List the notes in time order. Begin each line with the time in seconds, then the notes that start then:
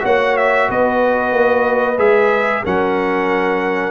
0.00 A#3 F#4 C#5 F#5
0.37 E5
0.69 B3 B4 D#5
1.32 A#3
1.98 G#3 G#4 E5
2.64 F#3 C#4 A#4 F#5